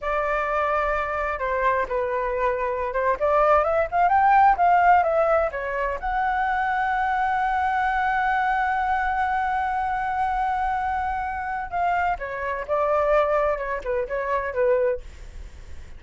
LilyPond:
\new Staff \with { instrumentName = "flute" } { \time 4/4 \tempo 4 = 128 d''2. c''4 | b'2~ b'16 c''8 d''4 e''16~ | e''16 f''8 g''4 f''4 e''4 cis''16~ | cis''8. fis''2.~ fis''16~ |
fis''1~ | fis''1~ | fis''4 f''4 cis''4 d''4~ | d''4 cis''8 b'8 cis''4 b'4 | }